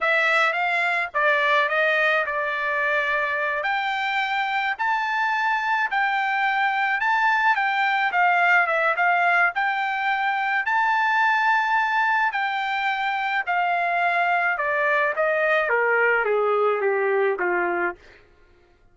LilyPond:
\new Staff \with { instrumentName = "trumpet" } { \time 4/4 \tempo 4 = 107 e''4 f''4 d''4 dis''4 | d''2~ d''8 g''4.~ | g''8 a''2 g''4.~ | g''8 a''4 g''4 f''4 e''8 |
f''4 g''2 a''4~ | a''2 g''2 | f''2 d''4 dis''4 | ais'4 gis'4 g'4 f'4 | }